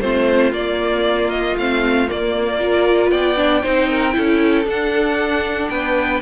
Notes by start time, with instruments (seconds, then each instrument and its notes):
0.00 cello A3, viola C4, violin F4 C5
0.52 cello A#3, viola A#3, violin D5
1.30 violin D#5
1.56 cello A3, viola C4, violin F5
2.08 viola A#3, cello A#3, violin D5
2.59 viola F4, violin A#4
3.10 cello B3, violin D5 G5
3.36 viola D4
3.63 cello C4, viola D#4, violin C5
3.89 violin A#4
4.12 cello C#4, viola E4, violin A4
4.65 cello D4, viola D4, violin F#5
5.69 cello B3, violin B4 G5